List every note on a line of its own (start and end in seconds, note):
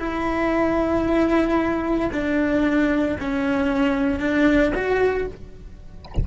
0.00 2.11 E4
2.13 3.18 D4
3.21 4.20 C#4
4.20 4.73 D4
4.75 5.28 F#4